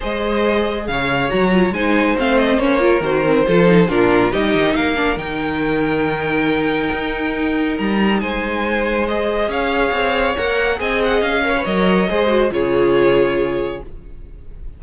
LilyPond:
<<
  \new Staff \with { instrumentName = "violin" } { \time 4/4 \tempo 4 = 139 dis''2 f''4 ais''4 | gis''4 f''8 dis''8 cis''4 c''4~ | c''4 ais'4 dis''4 f''4 | g''1~ |
g''2 ais''4 gis''4~ | gis''4 dis''4 f''2 | fis''4 gis''8 fis''8 f''4 dis''4~ | dis''4 cis''2. | }
  \new Staff \with { instrumentName = "violin" } { \time 4/4 c''2 cis''2 | c''2~ c''8 ais'4. | a'4 f'4 g'4 ais'4~ | ais'1~ |
ais'2. c''4~ | c''2 cis''2~ | cis''4 dis''4. cis''4. | c''4 gis'2. | }
  \new Staff \with { instrumentName = "viola" } { \time 4/4 gis'2. fis'8 f'8 | dis'4 c'4 cis'8 f'8 fis'8 c'8 | f'8 dis'8 d'4 dis'4. d'8 | dis'1~ |
dis'1~ | dis'4 gis'2. | ais'4 gis'4. ais'16 b'16 ais'4 | gis'8 fis'8 f'2. | }
  \new Staff \with { instrumentName = "cello" } { \time 4/4 gis2 cis4 fis4 | gis4 a4 ais4 dis4 | f4 ais,4 g8 dis8 ais4 | dis1 |
dis'2 g4 gis4~ | gis2 cis'4 c'4 | ais4 c'4 cis'4 fis4 | gis4 cis2. | }
>>